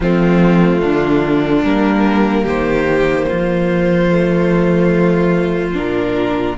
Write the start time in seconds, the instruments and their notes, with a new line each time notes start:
0.00 cello F3, viola A3, violin C4 F4
0.81 cello D3, violin D4
1.63 cello G3, viola A#3, violin A#4
2.43 cello D#3, violin G4 C5
3.28 cello F3, violin F4
4.11 viola A3
5.73 cello A#2, viola D4, violin A#4